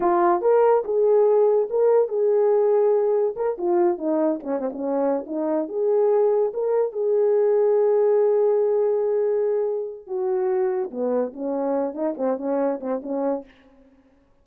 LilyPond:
\new Staff \with { instrumentName = "horn" } { \time 4/4 \tempo 4 = 143 f'4 ais'4 gis'2 | ais'4 gis'2. | ais'8 f'4 dis'4 cis'8 c'16 cis'8.~ | cis'8 dis'4 gis'2 ais'8~ |
ais'8 gis'2.~ gis'8~ | gis'1 | fis'2 b4 cis'4~ | cis'8 dis'8 c'8 cis'4 c'8 cis'4 | }